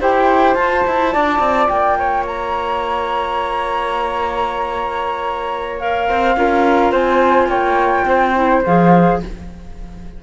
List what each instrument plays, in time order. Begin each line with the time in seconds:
0.00 cello E4, clarinet G4, flute C5 G5
0.54 cello F4, clarinet F4, flute A5
0.86 cello E4
1.12 cello D4, flute D5
1.39 cello C4
1.68 cello A#3, flute G5
1.98 flute C#5
2.27 flute A#5
5.79 clarinet A#4, flute F5
6.08 cello C4, flute C5
6.36 cello C#4, clarinet F4, flute A#4
6.91 cello C4, flute C5 G#5
7.47 cello A#3, flute C#5 G5
8.04 cello C4, flute C5
8.35 clarinet E4
8.65 cello F3, clarinet G#4, flute F5